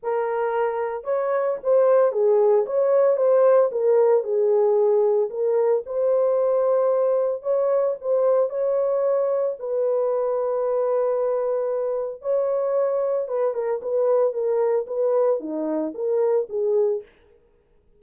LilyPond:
\new Staff \with { instrumentName = "horn" } { \time 4/4 \tempo 4 = 113 ais'2 cis''4 c''4 | gis'4 cis''4 c''4 ais'4 | gis'2 ais'4 c''4~ | c''2 cis''4 c''4 |
cis''2 b'2~ | b'2. cis''4~ | cis''4 b'8 ais'8 b'4 ais'4 | b'4 dis'4 ais'4 gis'4 | }